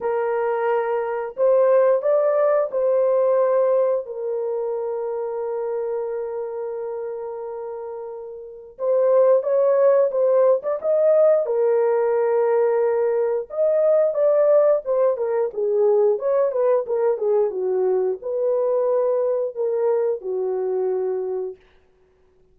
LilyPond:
\new Staff \with { instrumentName = "horn" } { \time 4/4 \tempo 4 = 89 ais'2 c''4 d''4 | c''2 ais'2~ | ais'1~ | ais'4 c''4 cis''4 c''8. d''16 |
dis''4 ais'2. | dis''4 d''4 c''8 ais'8 gis'4 | cis''8 b'8 ais'8 gis'8 fis'4 b'4~ | b'4 ais'4 fis'2 | }